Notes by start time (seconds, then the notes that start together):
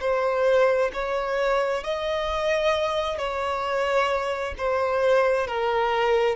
0.00 C5
0.93 C#5
1.83 D#5
3.18 C#5
4.57 C5
5.47 A#4